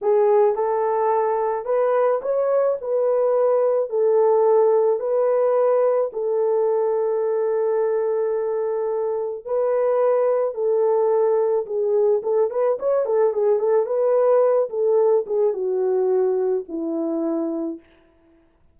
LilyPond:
\new Staff \with { instrumentName = "horn" } { \time 4/4 \tempo 4 = 108 gis'4 a'2 b'4 | cis''4 b'2 a'4~ | a'4 b'2 a'4~ | a'1~ |
a'4 b'2 a'4~ | a'4 gis'4 a'8 b'8 cis''8 a'8 | gis'8 a'8 b'4. a'4 gis'8 | fis'2 e'2 | }